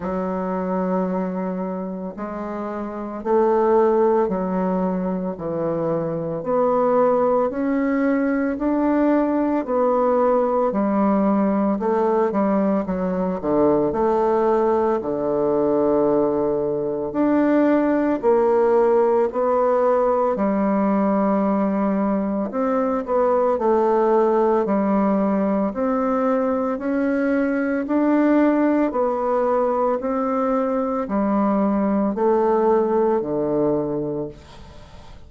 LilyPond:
\new Staff \with { instrumentName = "bassoon" } { \time 4/4 \tempo 4 = 56 fis2 gis4 a4 | fis4 e4 b4 cis'4 | d'4 b4 g4 a8 g8 | fis8 d8 a4 d2 |
d'4 ais4 b4 g4~ | g4 c'8 b8 a4 g4 | c'4 cis'4 d'4 b4 | c'4 g4 a4 d4 | }